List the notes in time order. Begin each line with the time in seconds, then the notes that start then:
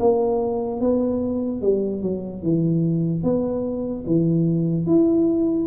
0.00 A#3
0.81 B3
1.62 G3
2.03 F#3
2.43 E3
3.24 B3
4.07 E3
4.87 E4